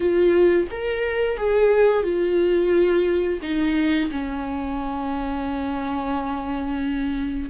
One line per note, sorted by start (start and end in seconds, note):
0.00 0.67 F4
0.71 1.37 A#4
1.37 2.03 G#4
2.03 3.39 F4
3.42 4.10 D#4
4.10 7.49 C#4